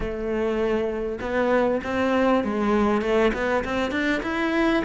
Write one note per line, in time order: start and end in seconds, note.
0.00 1.19 A3
1.20 1.81 B3
1.83 2.44 C4
2.44 3.01 G#3
3.01 3.32 A3
3.33 3.64 B3
3.64 3.91 C4
3.91 4.21 D4
4.22 4.83 E4